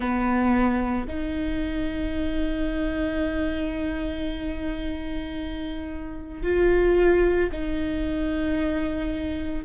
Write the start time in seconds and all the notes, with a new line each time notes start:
0.00 B3
1.07 D#4
6.42 F4
7.51 D#4